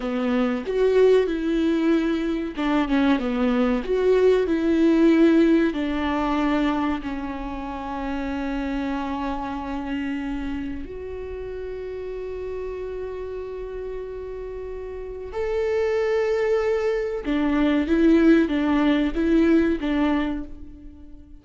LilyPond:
\new Staff \with { instrumentName = "viola" } { \time 4/4 \tempo 4 = 94 b4 fis'4 e'2 | d'8 cis'8 b4 fis'4 e'4~ | e'4 d'2 cis'4~ | cis'1~ |
cis'4 fis'2.~ | fis'1 | a'2. d'4 | e'4 d'4 e'4 d'4 | }